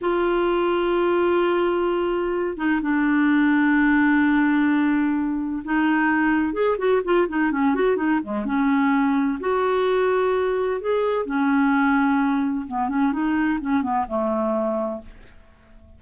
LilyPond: \new Staff \with { instrumentName = "clarinet" } { \time 4/4 \tempo 4 = 128 f'1~ | f'4. dis'8 d'2~ | d'1 | dis'2 gis'8 fis'8 f'8 dis'8 |
cis'8 fis'8 dis'8 gis8 cis'2 | fis'2. gis'4 | cis'2. b8 cis'8 | dis'4 cis'8 b8 a2 | }